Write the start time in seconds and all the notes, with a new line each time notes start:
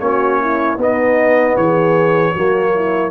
0.00 A#3 C#4 F#4 C#5
0.41 E4
0.77 B3 D#4 D#5
1.57 E3 G#4 C#5
2.33 F#3 A#3 F#4
2.75 E4